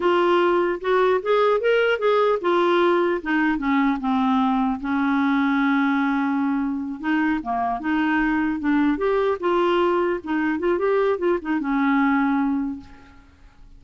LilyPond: \new Staff \with { instrumentName = "clarinet" } { \time 4/4 \tempo 4 = 150 f'2 fis'4 gis'4 | ais'4 gis'4 f'2 | dis'4 cis'4 c'2 | cis'1~ |
cis'4. dis'4 ais4 dis'8~ | dis'4. d'4 g'4 f'8~ | f'4. dis'4 f'8 g'4 | f'8 dis'8 cis'2. | }